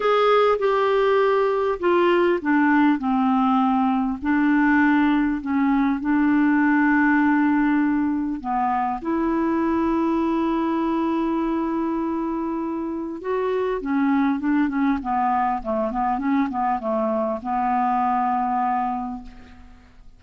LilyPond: \new Staff \with { instrumentName = "clarinet" } { \time 4/4 \tempo 4 = 100 gis'4 g'2 f'4 | d'4 c'2 d'4~ | d'4 cis'4 d'2~ | d'2 b4 e'4~ |
e'1~ | e'2 fis'4 cis'4 | d'8 cis'8 b4 a8 b8 cis'8 b8 | a4 b2. | }